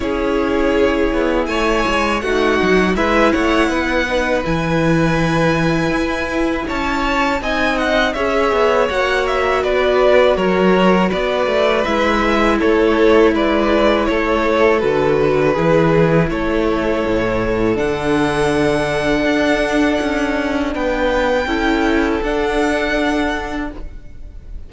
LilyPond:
<<
  \new Staff \with { instrumentName = "violin" } { \time 4/4 \tempo 4 = 81 cis''2 gis''4 fis''4 | e''8 fis''4. gis''2~ | gis''4 a''4 gis''8 fis''8 e''4 | fis''8 e''8 d''4 cis''4 d''4 |
e''4 cis''4 d''4 cis''4 | b'2 cis''2 | fis''1 | g''2 fis''2 | }
  \new Staff \with { instrumentName = "violin" } { \time 4/4 gis'2 cis''4 fis'4 | b'8 cis''8 b'2.~ | b'4 cis''4 dis''4 cis''4~ | cis''4 b'4 ais'4 b'4~ |
b'4 a'4 b'4 a'4~ | a'4 gis'4 a'2~ | a'1 | b'4 a'2. | }
  \new Staff \with { instrumentName = "viola" } { \time 4/4 e'2. dis'4 | e'4. dis'8 e'2~ | e'2 dis'4 gis'4 | fis'1 |
e'1 | fis'4 e'2. | d'1~ | d'4 e'4 d'2 | }
  \new Staff \with { instrumentName = "cello" } { \time 4/4 cis'4. b8 a8 gis8 a8 fis8 | gis8 a8 b4 e2 | e'4 cis'4 c'4 cis'8 b8 | ais4 b4 fis4 b8 a8 |
gis4 a4 gis4 a4 | d4 e4 a4 a,4 | d2 d'4 cis'4 | b4 cis'4 d'2 | }
>>